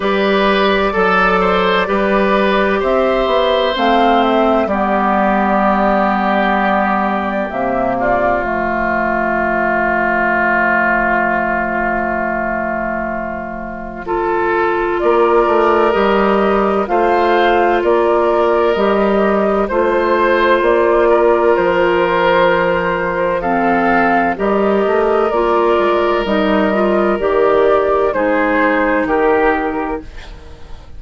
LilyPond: <<
  \new Staff \with { instrumentName = "flute" } { \time 4/4 \tempo 4 = 64 d''2. e''4 | f''8 e''8 d''2. | e''8 d''8 c''2.~ | c''1 |
d''4 dis''4 f''4 d''4 | dis''4 c''4 d''4 c''4~ | c''4 f''4 dis''4 d''4 | dis''4 d''4 c''4 ais'4 | }
  \new Staff \with { instrumentName = "oboe" } { \time 4/4 b'4 a'8 c''8 b'4 c''4~ | c''4 g'2.~ | g'8 f'2.~ f'8~ | f'2. a'4 |
ais'2 c''4 ais'4~ | ais'4 c''4. ais'4.~ | ais'4 a'4 ais'2~ | ais'2 gis'4 g'4 | }
  \new Staff \with { instrumentName = "clarinet" } { \time 4/4 g'4 a'4 g'2 | c'4 b2. | ais4 a2.~ | a2. f'4~ |
f'4 g'4 f'2 | g'4 f'2.~ | f'4 c'4 g'4 f'4 | dis'8 f'8 g'4 dis'2 | }
  \new Staff \with { instrumentName = "bassoon" } { \time 4/4 g4 fis4 g4 c'8 b8 | a4 g2. | c4 f2.~ | f1 |
ais8 a8 g4 a4 ais4 | g4 a4 ais4 f4~ | f2 g8 a8 ais8 gis8 | g4 dis4 gis4 dis4 | }
>>